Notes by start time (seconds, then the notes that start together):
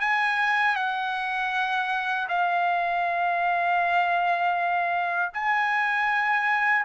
0.00 G#5
0.76 F#5
2.29 F5
5.33 G#5